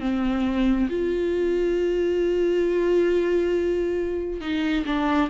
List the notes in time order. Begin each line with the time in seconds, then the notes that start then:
0.00 C4
0.89 F4
4.41 D#4
4.86 D4